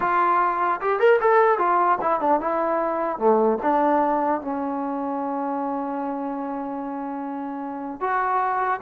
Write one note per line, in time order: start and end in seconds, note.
0.00 0.80 F4
0.80 0.99 G4
0.99 1.19 A#4
1.20 1.58 A4
1.58 1.98 F4
2.01 2.20 E4
2.20 2.40 D4
2.40 3.18 E4
3.18 3.58 A3
3.62 4.41 D4
4.41 8.00 C#4
8.00 8.80 F#4